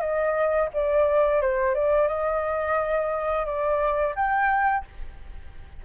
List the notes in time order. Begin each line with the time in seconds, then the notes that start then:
0.00 D#5
0.74 D5
1.41 C5
1.75 D5
2.08 D#5
3.46 D5
4.15 G5